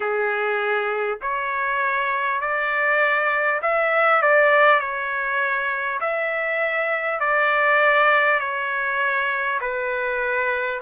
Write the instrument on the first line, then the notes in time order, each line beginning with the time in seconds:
trumpet
0.00 G#4
1.21 C#5
2.40 D5
3.62 E5
4.22 D5
4.79 C#5
6.00 E5
7.20 D5
8.39 C#5
9.61 B4